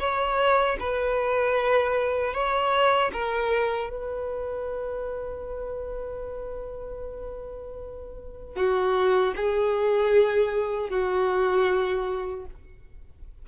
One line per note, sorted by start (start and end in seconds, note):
0.00 0.78 C#5
0.80 2.34 B4
2.34 3.12 C#5
3.13 3.90 A#4
3.90 8.56 B4
8.56 9.34 F#4
9.36 10.90 G#4
10.90 12.46 F#4